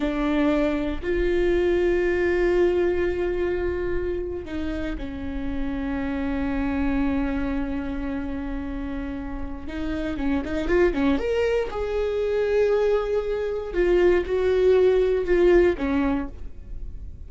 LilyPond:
\new Staff \with { instrumentName = "viola" } { \time 4/4 \tempo 4 = 118 d'2 f'2~ | f'1~ | f'8. dis'4 cis'2~ cis'16~ | cis'1~ |
cis'2. dis'4 | cis'8 dis'8 f'8 cis'8 ais'4 gis'4~ | gis'2. f'4 | fis'2 f'4 cis'4 | }